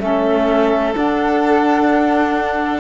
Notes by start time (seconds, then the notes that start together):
0.00 A3 C#4 A4 E5
0.94 D4 F#5